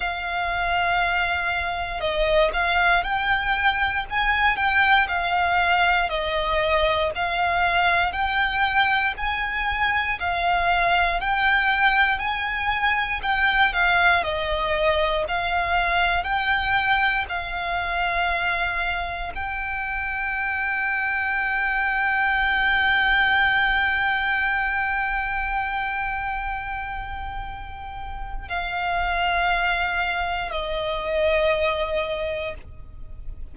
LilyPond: \new Staff \with { instrumentName = "violin" } { \time 4/4 \tempo 4 = 59 f''2 dis''8 f''8 g''4 | gis''8 g''8 f''4 dis''4 f''4 | g''4 gis''4 f''4 g''4 | gis''4 g''8 f''8 dis''4 f''4 |
g''4 f''2 g''4~ | g''1~ | g''1 | f''2 dis''2 | }